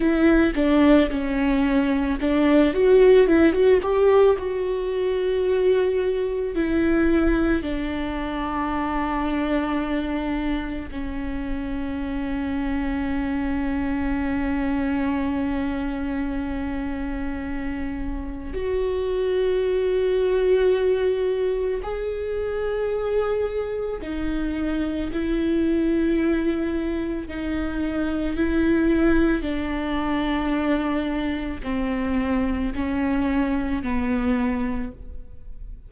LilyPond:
\new Staff \with { instrumentName = "viola" } { \time 4/4 \tempo 4 = 55 e'8 d'8 cis'4 d'8 fis'8 e'16 fis'16 g'8 | fis'2 e'4 d'4~ | d'2 cis'2~ | cis'1~ |
cis'4 fis'2. | gis'2 dis'4 e'4~ | e'4 dis'4 e'4 d'4~ | d'4 c'4 cis'4 b4 | }